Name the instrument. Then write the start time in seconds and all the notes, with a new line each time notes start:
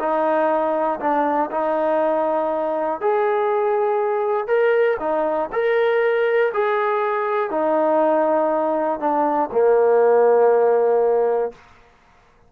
trombone
0.00 D#4
1.00 D4
1.51 D#4
3.01 G#4
4.48 A#4
5.00 D#4
5.53 A#4
6.54 G#4
7.51 D#4
9.00 D4
9.53 A#3